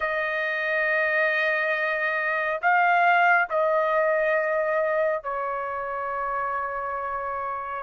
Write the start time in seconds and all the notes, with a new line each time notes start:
0.00 D#5
2.61 F5
3.49 D#5
5.23 C#5